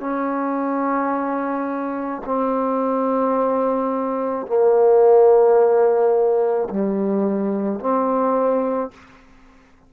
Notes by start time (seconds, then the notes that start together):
0.00 C#4
2.25 C4
4.46 A#3
6.70 G3
7.79 C4